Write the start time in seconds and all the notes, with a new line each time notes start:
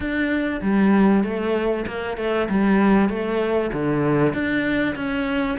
0.00 D4
0.61 G3
1.23 A3
1.86 A#3
2.17 A3
2.49 G3
3.09 A3
3.73 D3
4.33 D4
4.95 C#4